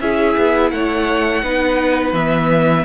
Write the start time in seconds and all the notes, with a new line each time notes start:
0.00 C#4 E4 G#4 E5
0.37 B3
0.71 A3 C#5 F#5
1.43 B3 D#4 B4
2.12 E3 B3 E5